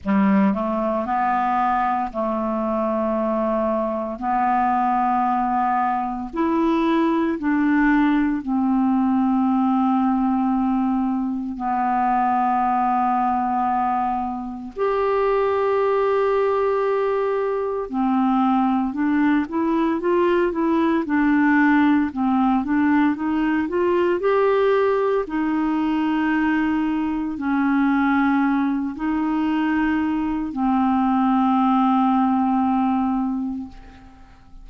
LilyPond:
\new Staff \with { instrumentName = "clarinet" } { \time 4/4 \tempo 4 = 57 g8 a8 b4 a2 | b2 e'4 d'4 | c'2. b4~ | b2 g'2~ |
g'4 c'4 d'8 e'8 f'8 e'8 | d'4 c'8 d'8 dis'8 f'8 g'4 | dis'2 cis'4. dis'8~ | dis'4 c'2. | }